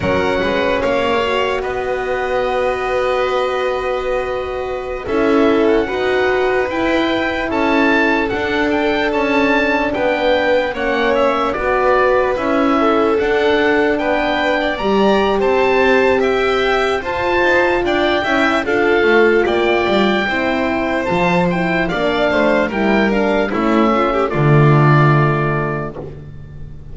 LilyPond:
<<
  \new Staff \with { instrumentName = "oboe" } { \time 4/4 \tempo 4 = 74 fis''4 f''4 dis''2~ | dis''2~ dis''16 e''8. fis''4~ | fis''16 g''4 a''4 fis''8 g''8 a''8.~ | a''16 g''4 fis''8 e''8 d''4 e''8.~ |
e''16 fis''4 g''4 ais''8. a''4 | g''4 a''4 g''4 f''4 | g''2 a''8 g''8 f''4 | g''8 f''8 e''4 d''2 | }
  \new Staff \with { instrumentName = "violin" } { \time 4/4 ais'8 b'8 cis''4 b'2~ | b'2~ b'16 a'4 b'8.~ | b'4~ b'16 a'2~ a'8.~ | a'16 b'4 cis''4 b'4. a'16~ |
a'4~ a'16 b'8. d''4 c''4 | e''4 c''4 d''8 e''8 a'4 | d''4 c''2 d''8 c''8 | ais'4 e'8 f'16 g'16 f'2 | }
  \new Staff \with { instrumentName = "horn" } { \time 4/4 cis'4. fis'2~ fis'8~ | fis'2~ fis'16 e'4 fis'8.~ | fis'16 e'2 d'4.~ d'16~ | d'4~ d'16 cis'4 fis'4 e'8.~ |
e'16 d'2 g'4.~ g'16~ | g'4 f'4. e'8 f'4~ | f'4 e'4 f'8 e'8 d'4 | e'8 d'8 cis'4 a2 | }
  \new Staff \with { instrumentName = "double bass" } { \time 4/4 fis8 gis8 ais4 b2~ | b2~ b16 cis'4 dis'8.~ | dis'16 e'4 cis'4 d'4 cis'8.~ | cis'16 b4 ais4 b4 cis'8.~ |
cis'16 d'4 b4 g8. c'4~ | c'4 f'8 dis'8 d'8 cis'8 d'8 a8 | ais8 g8 c'4 f4 ais8 a8 | g4 a4 d2 | }
>>